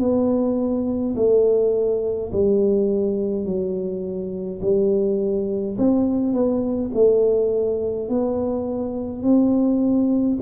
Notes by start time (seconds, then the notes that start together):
0.00 B3
1.16 A3
2.32 G3
3.46 F#3
4.62 G3
5.78 C4
6.34 B3
6.94 A3
8.09 B3
9.23 C4